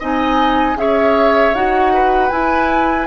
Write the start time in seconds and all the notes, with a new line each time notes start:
0.00 C4 D#4 D#5 G#5
0.76 C#4 G#4 C#5 E5
1.54 D#4 F#4 F#5
1.93 B4
2.30 E4 G#5